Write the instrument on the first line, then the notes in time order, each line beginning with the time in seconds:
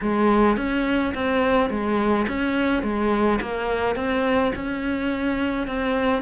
cello
0.01 G#3
0.57 C#4
1.14 C4
1.70 G#3
2.27 C#4
2.83 G#3
3.41 A#3
3.95 C4
4.55 C#4
5.67 C4